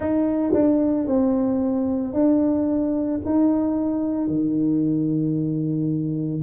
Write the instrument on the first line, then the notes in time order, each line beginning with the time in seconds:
tuba
0.00 D#4
0.53 D4
1.07 C4
2.13 D4
3.25 D#4
4.27 D#3